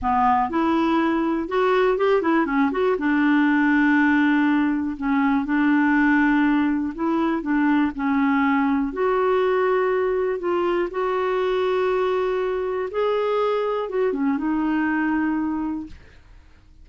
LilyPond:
\new Staff \with { instrumentName = "clarinet" } { \time 4/4 \tempo 4 = 121 b4 e'2 fis'4 | g'8 e'8 cis'8 fis'8 d'2~ | d'2 cis'4 d'4~ | d'2 e'4 d'4 |
cis'2 fis'2~ | fis'4 f'4 fis'2~ | fis'2 gis'2 | fis'8 cis'8 dis'2. | }